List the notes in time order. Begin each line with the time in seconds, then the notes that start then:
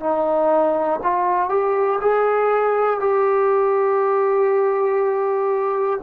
0.00 D#4
1.03 F4
1.50 G4
2.01 G#4
3.00 G4